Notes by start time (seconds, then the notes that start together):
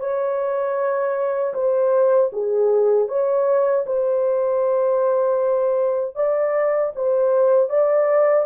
0.00 C#5
1.54 C5
2.33 G#4
3.08 C#5
3.87 C5
6.16 D5
6.96 C5
7.70 D5